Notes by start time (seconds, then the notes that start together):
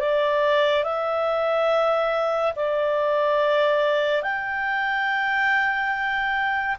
0.00 D5
0.84 E5
2.56 D5
4.23 G5